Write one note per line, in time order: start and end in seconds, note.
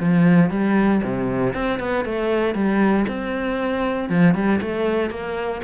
0.00 0.50 F3
0.50 1.01 G3
1.04 1.54 C3
1.54 1.79 C4
1.80 2.05 B3
2.05 2.55 A3
2.55 3.06 G3
3.08 4.09 C4
4.09 4.35 F3
4.35 4.60 G3
4.62 5.10 A3
5.10 5.62 A#3